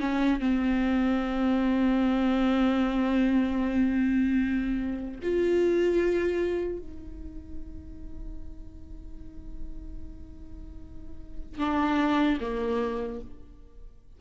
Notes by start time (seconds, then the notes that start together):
0.00 C#4
0.40 C4
5.23 F4
6.79 D#4
11.59 D4
12.41 A#3